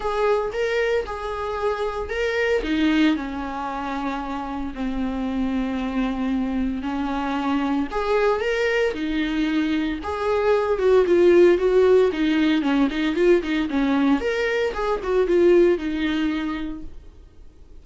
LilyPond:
\new Staff \with { instrumentName = "viola" } { \time 4/4 \tempo 4 = 114 gis'4 ais'4 gis'2 | ais'4 dis'4 cis'2~ | cis'4 c'2.~ | c'4 cis'2 gis'4 |
ais'4 dis'2 gis'4~ | gis'8 fis'8 f'4 fis'4 dis'4 | cis'8 dis'8 f'8 dis'8 cis'4 ais'4 | gis'8 fis'8 f'4 dis'2 | }